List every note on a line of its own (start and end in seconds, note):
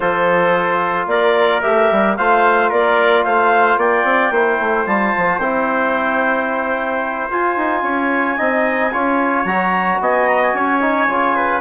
0.00 1.07 F3
0.00 1.62 F4
0.00 1.09 A4
0.00 1.07 C5
1.07 1.61 A#3
1.07 2.17 A#4
1.07 1.61 D5
1.61 1.91 A3
1.61 2.16 G4
1.61 2.15 E5
1.91 2.18 G3
2.16 2.71 A3
2.16 4.32 F4
2.16 2.69 C5
2.16 2.70 F5
2.69 3.24 A#3
2.69 3.23 A#4
2.69 3.24 D5
3.24 3.76 A3
3.24 3.78 C5
3.24 3.78 F5
3.76 4.03 A#3
3.76 4.33 D5
3.76 4.86 G5
4.03 4.30 C4
4.30 4.57 A#3
4.30 4.86 E4
4.30 7.83 C5
4.59 4.86 A3
4.86 5.13 G3
4.86 5.40 F4
4.86 5.38 A5
5.17 5.38 F3
5.38 7.28 C4
5.38 7.31 E4
5.38 7.27 G5
7.29 7.56 F4
7.29 8.37 F4
7.29 9.45 G#5
7.56 7.83 D#4
7.83 8.37 C#4
7.83 8.37 C#5
8.37 8.93 C4
8.37 8.91 D#4
8.37 8.91 D#5
8.92 9.44 C#4
8.92 9.46 F4
8.92 10.00 C#5
9.44 9.98 F#3
9.44 10.80 F#4
9.44 9.99 A#5
9.99 10.53 B3
9.99 10.56 D#5
9.99 10.27 G#5
10.27 10.40 A#5
10.42 11.61 G#5
10.53 11.07 C#4
10.53 11.35 C#5
10.80 11.07 D#4
11.07 11.61 C#3
11.07 11.61 F4
11.35 11.61 B4